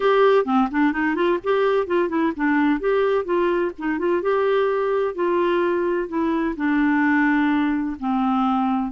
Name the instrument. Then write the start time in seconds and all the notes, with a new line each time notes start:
clarinet
0.00 G4
0.45 C4
0.71 D4
0.92 D#4
1.15 F4
1.43 G4
1.86 F4
2.08 E4
2.36 D4
2.80 G4
3.24 F4
3.78 D#4
3.98 F4
4.22 G4
5.14 F4
6.08 E4
6.56 D4
7.99 C4